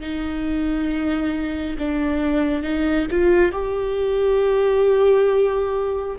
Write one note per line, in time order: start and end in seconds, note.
0.00 1.76 D#4
1.78 2.62 D4
2.62 3.06 D#4
3.11 3.52 F4
3.52 6.16 G4